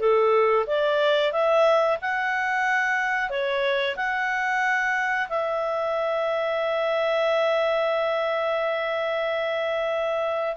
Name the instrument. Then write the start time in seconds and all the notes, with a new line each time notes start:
clarinet
0.00 A4
0.67 D5
1.32 E5
2.02 F#5
3.30 C#5
3.97 F#5
5.30 E5